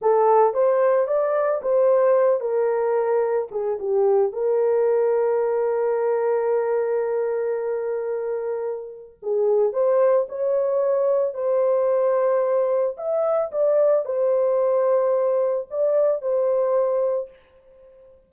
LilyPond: \new Staff \with { instrumentName = "horn" } { \time 4/4 \tempo 4 = 111 a'4 c''4 d''4 c''4~ | c''8 ais'2 gis'8 g'4 | ais'1~ | ais'1~ |
ais'4 gis'4 c''4 cis''4~ | cis''4 c''2. | e''4 d''4 c''2~ | c''4 d''4 c''2 | }